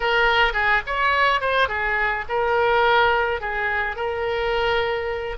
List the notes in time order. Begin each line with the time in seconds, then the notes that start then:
0.00 A#4
0.53 G#4
0.86 C#5
1.40 C5
1.68 G#4
2.28 A#4
3.40 G#4
3.95 A#4